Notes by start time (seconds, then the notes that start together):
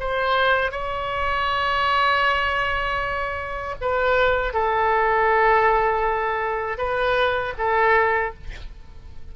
0.00 C5
0.72 C#5
3.81 B4
4.54 A4
6.78 B4
7.58 A4